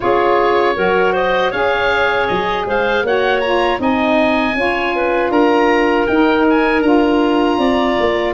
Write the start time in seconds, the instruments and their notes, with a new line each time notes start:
0.00 tuba C#4, saxophone F4, clarinet G#4, oboe C#5
0.75 tuba F#3, saxophone F#4, clarinet A#4
1.12 clarinet C5, oboe D#5
1.50 tuba C#4, saxophone G#4, clarinet C#5, oboe F5
2.27 tuba F#3, oboe D#5
2.65 tuba G#3, clarinet C5, oboe F5
3.03 tuba A#3, saxophone F#4, clarinet C#5, oboe F#5
3.40 saxophone F4, oboe A#5
3.78 tuba C4, saxophone D#4, clarinet D#5, oboe G#5
4.54 tuba C#4, saxophone F4, clarinet C#5
4.95 clarinet B4
5.30 tuba D4, clarinet A#4, oboe A#5
6.06 tuba D#4, saxophone D#4, oboe G5
6.49 oboe G#5
6.81 tuba D4, saxophone F4, oboe A#5
7.58 tuba C4, clarinet D5
7.99 tuba A#3